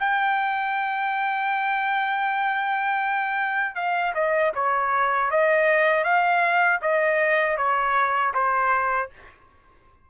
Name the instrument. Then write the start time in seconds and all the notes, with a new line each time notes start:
trumpet
0.00 G5
3.76 F5
4.15 D#5
4.55 C#5
5.31 D#5
6.04 F5
6.82 D#5
7.57 C#5
8.34 C5